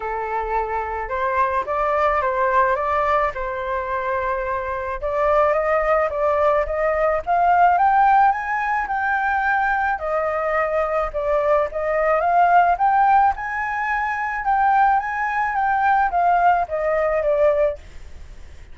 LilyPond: \new Staff \with { instrumentName = "flute" } { \time 4/4 \tempo 4 = 108 a'2 c''4 d''4 | c''4 d''4 c''2~ | c''4 d''4 dis''4 d''4 | dis''4 f''4 g''4 gis''4 |
g''2 dis''2 | d''4 dis''4 f''4 g''4 | gis''2 g''4 gis''4 | g''4 f''4 dis''4 d''4 | }